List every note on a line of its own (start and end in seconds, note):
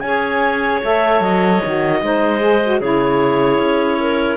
0.00 0.83 C#4
0.00 0.82 G#4
0.00 2.00 C#5
0.00 0.79 G#5
0.83 1.20 A3
0.83 1.62 A4
0.83 1.23 E5
1.20 1.60 F#3
1.20 2.80 D#5
1.64 2.02 D#3
1.64 2.02 F#4
2.02 2.81 G#3
2.02 2.41 D#4
2.02 2.80 C5
2.41 2.61 G#4
2.64 2.81 F#4
2.80 3.59 C#3
2.80 4.37 E4
2.80 3.98 G#4
2.80 4.37 C#5
3.59 4.37 C#4
4.00 4.37 A#4